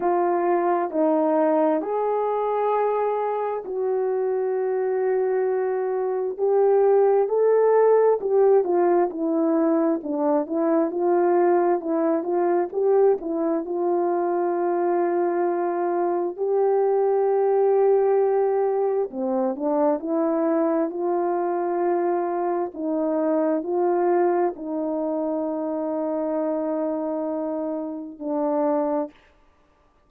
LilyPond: \new Staff \with { instrumentName = "horn" } { \time 4/4 \tempo 4 = 66 f'4 dis'4 gis'2 | fis'2. g'4 | a'4 g'8 f'8 e'4 d'8 e'8 | f'4 e'8 f'8 g'8 e'8 f'4~ |
f'2 g'2~ | g'4 c'8 d'8 e'4 f'4~ | f'4 dis'4 f'4 dis'4~ | dis'2. d'4 | }